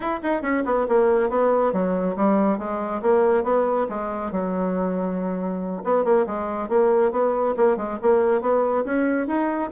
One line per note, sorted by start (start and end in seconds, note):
0.00 0.20 E4
0.22 0.41 D#4
0.41 0.63 C#4
0.65 0.86 B3
0.88 1.29 A#3
1.29 1.72 B3
1.72 2.16 F#3
2.16 2.58 G3
2.58 3.01 G#3
3.01 3.43 A#3
3.43 3.86 B3
3.89 4.31 G#3
4.31 5.82 F#3
5.84 6.04 B3
6.04 6.26 A#3
6.26 6.68 G#3
6.68 7.11 A#3
7.11 7.54 B3
7.56 7.76 A#3
7.76 7.98 G#3
8.02 8.41 A#3
8.41 8.84 B3
8.84 9.27 C#4
9.27 9.70 D#4